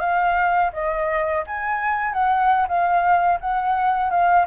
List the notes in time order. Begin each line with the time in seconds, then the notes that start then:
0.00 F5
0.73 D#5
1.47 G#5
2.13 F#5
2.68 F5
3.40 F#5
4.10 F5